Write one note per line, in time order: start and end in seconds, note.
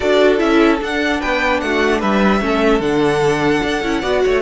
0.00 0.40 D4
0.00 0.37 F#4
0.00 1.20 A4
0.00 0.36 D5
0.37 0.80 C#4
0.37 0.78 E4
0.37 0.79 E5
0.79 2.40 D4
0.79 1.21 D4
0.79 1.21 F#5
1.20 1.62 B3
1.20 1.60 B4
1.20 1.60 G5
1.60 2.02 A3
1.60 1.99 F#4
1.60 2.00 F#5
1.99 2.41 G3
1.99 2.39 B4
1.99 2.81 E5
2.40 2.80 A3
2.40 2.81 C#4
2.40 4.01 A4
2.80 3.60 D3
2.80 3.82 D4
2.80 4.42 F#5
3.62 3.82 D4
3.82 4.02 C#4
3.82 4.02 E4
4.01 4.22 B3
4.01 4.42 F#4
4.01 4.21 D5
4.23 4.42 A3
4.23 4.42 C#5